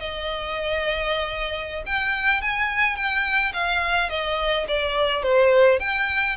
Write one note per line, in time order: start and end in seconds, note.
0.00 1.84 D#5
1.86 2.42 G5
2.42 2.96 G#5
2.96 3.53 G5
3.53 4.10 F5
4.10 4.67 D#5
4.68 5.23 D5
5.23 5.80 C5
5.80 6.37 G5